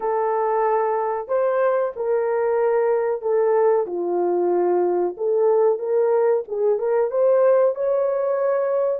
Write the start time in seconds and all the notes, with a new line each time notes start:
0.00 A4
1.27 C5
1.95 A#4
3.21 A4
3.86 F4
5.17 A4
5.78 A#4
6.48 G#4
6.78 A#4
7.10 C5
7.75 C#5